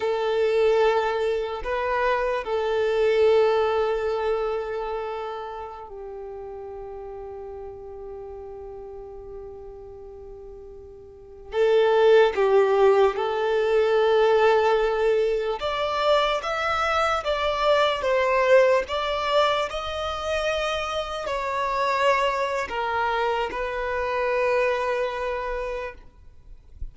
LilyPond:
\new Staff \with { instrumentName = "violin" } { \time 4/4 \tempo 4 = 74 a'2 b'4 a'4~ | a'2.~ a'16 g'8.~ | g'1~ | g'2~ g'16 a'4 g'8.~ |
g'16 a'2. d''8.~ | d''16 e''4 d''4 c''4 d''8.~ | d''16 dis''2 cis''4.~ cis''16 | ais'4 b'2. | }